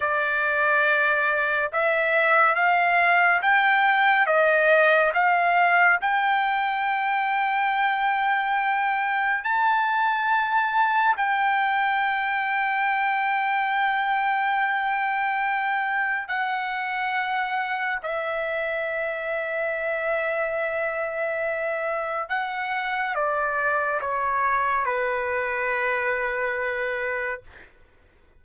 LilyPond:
\new Staff \with { instrumentName = "trumpet" } { \time 4/4 \tempo 4 = 70 d''2 e''4 f''4 | g''4 dis''4 f''4 g''4~ | g''2. a''4~ | a''4 g''2.~ |
g''2. fis''4~ | fis''4 e''2.~ | e''2 fis''4 d''4 | cis''4 b'2. | }